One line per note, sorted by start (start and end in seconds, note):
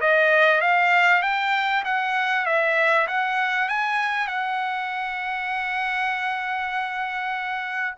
0.00 0.61 D#5
0.61 1.22 F5
1.22 1.83 G5
1.84 2.45 F#5
2.45 3.06 E5
3.07 3.68 F#5
3.68 4.27 G#5
4.27 7.94 F#5